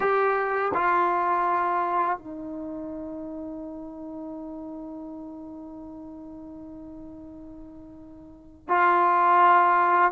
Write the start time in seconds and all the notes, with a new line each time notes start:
0.00 G4
0.74 F4
2.18 D#4
8.68 F4